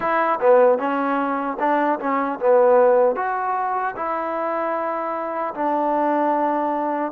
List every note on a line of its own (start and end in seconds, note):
0.00 0.39 E4
0.40 0.78 B3
0.78 1.57 C#4
1.59 1.99 D4
1.99 2.39 C#4
2.39 3.15 B3
3.15 3.94 F#4
3.96 5.54 E4
5.54 7.12 D4